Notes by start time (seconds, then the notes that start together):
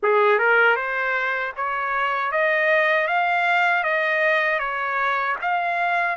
0.02 G#4
0.38 A#4
0.76 C5
1.56 C#5
2.31 D#5
3.07 F5
3.83 D#5
4.59 C#5
5.41 F5